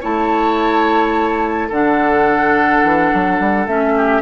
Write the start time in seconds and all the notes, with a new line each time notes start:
0.00 A3 E4 C#5 A5
1.68 D3 D4 A4 F#5
2.83 E3
3.13 F#3
3.39 G3
3.66 A3 C#4 E5
3.96 G4